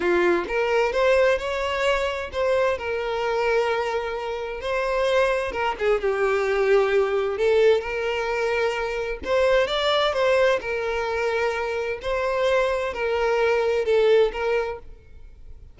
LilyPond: \new Staff \with { instrumentName = "violin" } { \time 4/4 \tempo 4 = 130 f'4 ais'4 c''4 cis''4~ | cis''4 c''4 ais'2~ | ais'2 c''2 | ais'8 gis'8 g'2. |
a'4 ais'2. | c''4 d''4 c''4 ais'4~ | ais'2 c''2 | ais'2 a'4 ais'4 | }